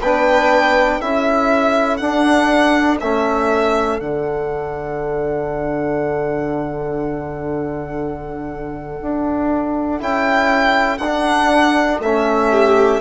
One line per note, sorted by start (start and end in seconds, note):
0.00 1.00 B3
0.00 1.01 D4
0.00 0.99 B4
0.00 1.01 G5
0.99 2.01 C#4
0.99 2.01 E4
0.99 12.49 A4
0.99 1.97 E5
1.97 3.01 D4
1.97 2.97 F#5
3.00 4.00 A3
3.00 4.01 C#4
3.00 4.00 E5
4.00 9.00 D3
4.00 9.99 D4
4.00 10.00 F#5
9.02 10.01 D4
9.99 11.00 C#4
9.99 10.99 E4
9.99 10.98 G5
10.98 11.99 D4
10.98 12.04 D4
10.98 11.98 F#5
11.99 12.99 A3
11.99 13.01 C#4
11.99 13.01 E5
12.51 13.01 G4